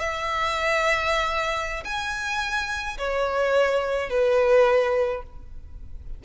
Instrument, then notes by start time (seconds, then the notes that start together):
violin
0.00 E5
1.84 G#5
2.98 C#5
4.10 B4